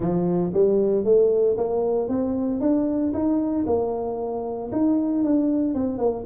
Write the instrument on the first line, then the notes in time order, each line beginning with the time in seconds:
tuba
0.00 F3
0.53 G3
1.04 A3
1.57 A#3
2.08 C4
2.60 D4
3.13 D#4
3.66 A#3
4.72 D#4
5.24 D4
5.74 C4
5.98 A#3